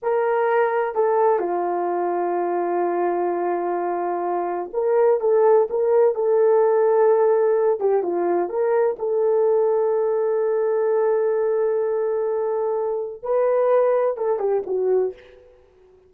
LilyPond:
\new Staff \with { instrumentName = "horn" } { \time 4/4 \tempo 4 = 127 ais'2 a'4 f'4~ | f'1~ | f'2 ais'4 a'4 | ais'4 a'2.~ |
a'8 g'8 f'4 ais'4 a'4~ | a'1~ | a'1 | b'2 a'8 g'8 fis'4 | }